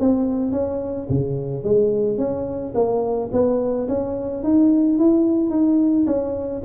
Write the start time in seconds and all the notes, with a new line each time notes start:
0.00 C4
0.52 C#4
1.10 C#3
1.64 G#3
2.18 C#4
2.75 A#3
3.33 B3
3.88 C#4
4.44 D#4
4.99 E4
5.51 D#4
6.07 C#4